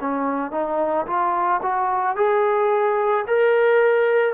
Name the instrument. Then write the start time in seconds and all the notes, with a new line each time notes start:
trombone
0.00 C#4
0.51 D#4
1.06 F4
1.62 F#4
2.16 G#4
3.27 A#4